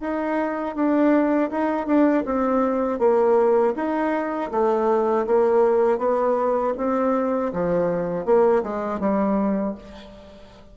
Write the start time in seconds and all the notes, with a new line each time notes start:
0.00 D#4
0.75 D4
1.50 D#4
1.86 D4
2.25 C4
2.98 A#3
3.75 D#4
4.51 A3
5.26 A#3
5.98 B3
6.77 C4
7.52 F3
8.25 A#3
8.62 G#3
9.00 G3